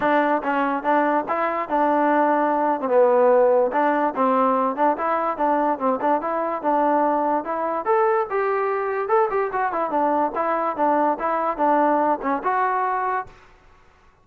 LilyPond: \new Staff \with { instrumentName = "trombone" } { \time 4/4 \tempo 4 = 145 d'4 cis'4 d'4 e'4 | d'2~ d'8. c'16 b4~ | b4 d'4 c'4. d'8 | e'4 d'4 c'8 d'8 e'4 |
d'2 e'4 a'4 | g'2 a'8 g'8 fis'8 e'8 | d'4 e'4 d'4 e'4 | d'4. cis'8 fis'2 | }